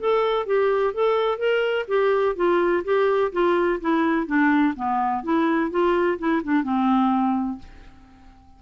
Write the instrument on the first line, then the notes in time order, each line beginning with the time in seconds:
clarinet
0.00 A4
0.47 G4
0.94 A4
1.39 A#4
1.88 G4
2.36 F4
2.84 G4
3.32 F4
3.81 E4
4.27 D4
4.76 B3
5.24 E4
5.71 F4
6.19 E4
6.44 D4
6.64 C4